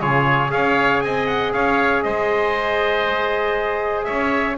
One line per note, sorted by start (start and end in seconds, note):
0.00 0.51 C#3
0.00 0.49 F4
0.00 0.51 G#4
0.00 0.51 C#5
0.49 1.02 C#4
0.49 4.56 G#4
0.49 1.03 C#5
0.49 1.00 F5
1.00 1.53 C4
1.00 1.53 D#5
1.00 1.26 G#5
1.26 1.52 F#5
1.52 2.04 C#4
1.52 2.04 C#5
1.52 2.02 F5
2.02 4.08 G#3
2.02 4.05 C5
2.02 4.04 D#5
4.04 4.58 C#4
4.04 4.56 C#5
4.04 4.55 E5